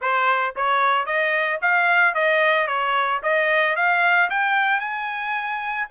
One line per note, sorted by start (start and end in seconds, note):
0.01 0.55 C5
0.56 1.06 C#5
1.06 1.59 D#5
1.61 2.14 F5
2.14 2.67 D#5
2.67 3.20 C#5
3.22 3.76 D#5
3.76 4.29 F5
4.30 4.80 G5
4.80 5.87 G#5